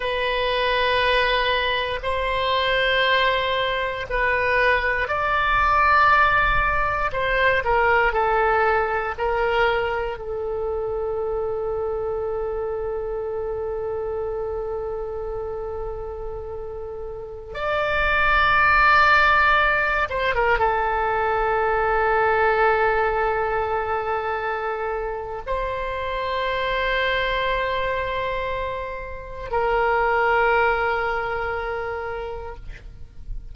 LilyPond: \new Staff \with { instrumentName = "oboe" } { \time 4/4 \tempo 4 = 59 b'2 c''2 | b'4 d''2 c''8 ais'8 | a'4 ais'4 a'2~ | a'1~ |
a'4~ a'16 d''2~ d''8 c''16 | ais'16 a'2.~ a'8.~ | a'4 c''2.~ | c''4 ais'2. | }